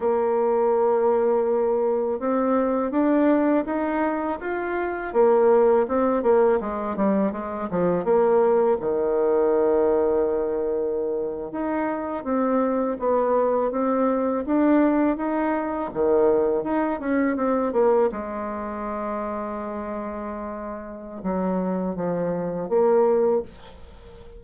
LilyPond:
\new Staff \with { instrumentName = "bassoon" } { \time 4/4 \tempo 4 = 82 ais2. c'4 | d'4 dis'4 f'4 ais4 | c'8 ais8 gis8 g8 gis8 f8 ais4 | dis2.~ dis8. dis'16~ |
dis'8. c'4 b4 c'4 d'16~ | d'8. dis'4 dis4 dis'8 cis'8 c'16~ | c'16 ais8 gis2.~ gis16~ | gis4 fis4 f4 ais4 | }